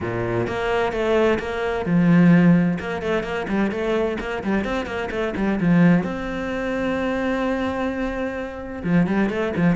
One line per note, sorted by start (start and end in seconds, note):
0.00 0.47 A#2
0.47 0.92 A#3
0.92 1.38 A3
1.39 1.85 A#3
1.85 2.78 F3
2.79 3.01 A#3
3.01 3.23 A3
3.23 3.46 A#3
3.48 3.71 G3
3.71 4.17 A3
4.20 4.43 A#3
4.43 4.64 G3
4.64 4.86 C4
4.86 5.09 A#3
5.10 5.34 A3
5.36 5.59 G3
5.60 6.03 F3
6.03 8.82 C4
8.83 9.06 F3
9.06 9.29 G3
9.29 9.52 A3
9.56 9.75 F3